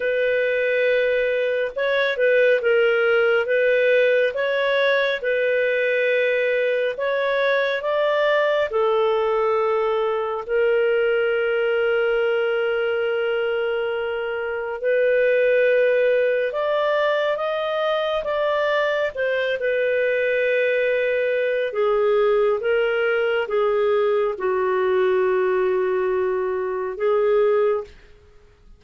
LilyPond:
\new Staff \with { instrumentName = "clarinet" } { \time 4/4 \tempo 4 = 69 b'2 cis''8 b'8 ais'4 | b'4 cis''4 b'2 | cis''4 d''4 a'2 | ais'1~ |
ais'4 b'2 d''4 | dis''4 d''4 c''8 b'4.~ | b'4 gis'4 ais'4 gis'4 | fis'2. gis'4 | }